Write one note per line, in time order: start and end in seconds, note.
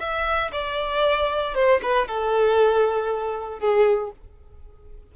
0.00 0.52 E5
0.52 1.55 D5
1.55 1.81 C5
1.82 2.08 B4
2.08 3.60 A4
3.60 4.11 G#4